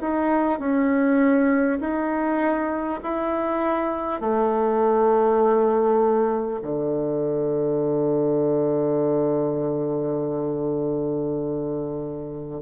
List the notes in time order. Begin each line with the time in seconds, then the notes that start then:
0.00 D#4
0.59 C#4
1.80 D#4
3.02 E4
4.20 A3
6.62 D3